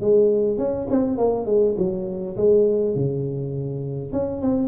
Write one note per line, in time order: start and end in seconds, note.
0.00 0.58 G#3
0.58 0.87 C#4
0.90 1.17 C4
1.17 1.45 A#3
1.45 1.75 G#3
1.77 2.36 F#3
2.37 2.95 G#3
2.95 4.12 C#3
4.12 4.41 C#4
4.41 4.68 C4